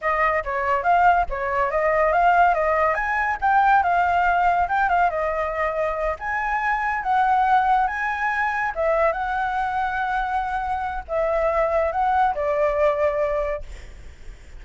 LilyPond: \new Staff \with { instrumentName = "flute" } { \time 4/4 \tempo 4 = 141 dis''4 cis''4 f''4 cis''4 | dis''4 f''4 dis''4 gis''4 | g''4 f''2 g''8 f''8 | dis''2~ dis''8 gis''4.~ |
gis''8 fis''2 gis''4.~ | gis''8 e''4 fis''2~ fis''8~ | fis''2 e''2 | fis''4 d''2. | }